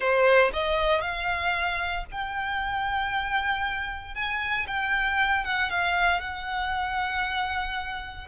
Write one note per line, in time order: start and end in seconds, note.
0.00 0.51 C5
0.53 1.01 D#5
1.01 2.04 F5
2.11 4.14 G5
4.14 4.66 G#5
4.67 5.44 G5
5.44 5.70 F#5
5.70 6.20 F5
6.20 8.27 F#5